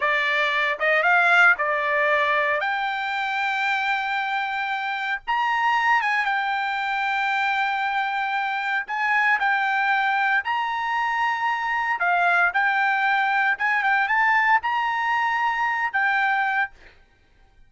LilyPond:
\new Staff \with { instrumentName = "trumpet" } { \time 4/4 \tempo 4 = 115 d''4. dis''8 f''4 d''4~ | d''4 g''2.~ | g''2 ais''4. gis''8 | g''1~ |
g''4 gis''4 g''2 | ais''2. f''4 | g''2 gis''8 g''8 a''4 | ais''2~ ais''8 g''4. | }